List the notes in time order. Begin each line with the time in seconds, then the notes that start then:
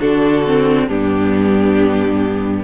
0.00 D3 D4 F#4 A4
0.47 C4
0.87 G2 B3 D4 G4